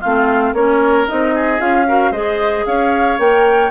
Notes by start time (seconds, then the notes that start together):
0.00 A3 C4 F4 F5
0.53 A#3 C#4 A#4 C#5
1.07 C4 D#4 D#5
1.34 G#4
1.58 C#4 F4 F5
1.87 F#4 A#4
2.11 G#3 G#4 C5 D#5
2.66 C#4 C#5 F5
3.19 A#3 A#4 G5